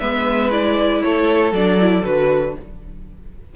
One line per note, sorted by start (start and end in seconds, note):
0.00 1.03 G#3
0.00 0.51 B3
0.00 1.03 B4
0.00 0.51 E5
0.51 1.53 E4
0.51 1.03 D5
1.03 1.52 A3
1.03 2.55 A4
1.03 1.54 C#5
1.52 2.03 F#3
1.52 1.80 D4
1.52 2.05 D5
1.80 2.03 E4
2.03 2.56 D3
2.03 2.54 F#4
2.03 2.56 B4